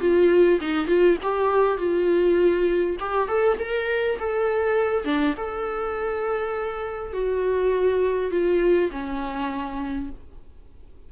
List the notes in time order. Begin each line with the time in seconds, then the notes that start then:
0.00 F4
0.60 D#4
0.87 F4
1.22 G4
1.77 F4
3.00 G4
3.28 A4
3.59 A#4
4.19 A4
5.04 D4
5.37 A4
7.13 F#4
8.31 F4
8.91 C#4